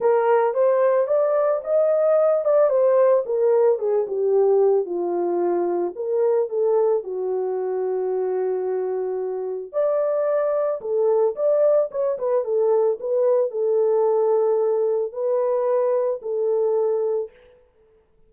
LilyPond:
\new Staff \with { instrumentName = "horn" } { \time 4/4 \tempo 4 = 111 ais'4 c''4 d''4 dis''4~ | dis''8 d''8 c''4 ais'4 gis'8 g'8~ | g'4 f'2 ais'4 | a'4 fis'2.~ |
fis'2 d''2 | a'4 d''4 cis''8 b'8 a'4 | b'4 a'2. | b'2 a'2 | }